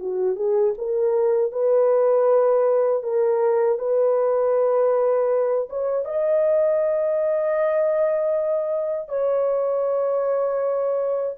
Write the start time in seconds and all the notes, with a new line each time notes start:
0.00 F#4
0.36 G#4
0.78 A#4
1.52 B4
3.03 A#4
3.79 B4
5.69 C#5
6.05 D#5
9.09 C#5